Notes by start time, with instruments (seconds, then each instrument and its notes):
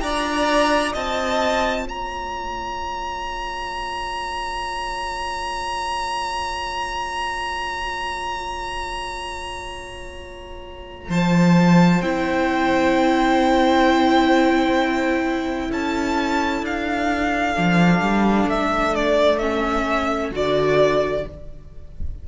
0.00 cello D4, viola F4, violin D5 A#5
0.92 cello C4, violin D#5 A5
1.83 cello A#3, violin C#5 A#5
11.09 cello F3, violin C5 A5
12.01 cello C4, viola E4, violin G5
15.68 cello C#4, violin A4 A5
16.62 cello D4, violin F5
17.54 cello F3, viola D4
18.00 cello G3
18.46 cello A3, violin E5
18.95 violin D5
19.38 viola C#4, violin E5
20.31 cello D3, viola F#4, violin D5